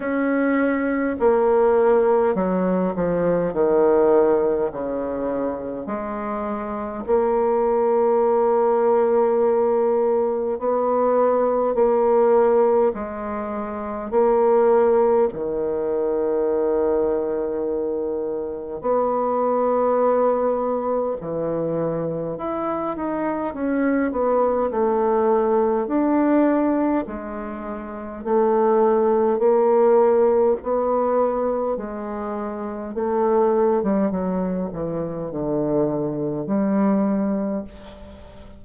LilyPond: \new Staff \with { instrumentName = "bassoon" } { \time 4/4 \tempo 4 = 51 cis'4 ais4 fis8 f8 dis4 | cis4 gis4 ais2~ | ais4 b4 ais4 gis4 | ais4 dis2. |
b2 e4 e'8 dis'8 | cis'8 b8 a4 d'4 gis4 | a4 ais4 b4 gis4 | a8. g16 fis8 e8 d4 g4 | }